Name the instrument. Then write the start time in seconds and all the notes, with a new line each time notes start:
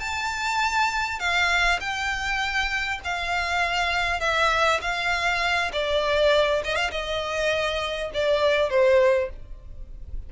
violin
0.00 A5
1.20 F5
1.80 G5
3.04 F5
4.20 E5
4.82 F5
5.73 D5
6.64 D#5
6.76 F5
6.91 D#5
8.14 D5
8.70 C5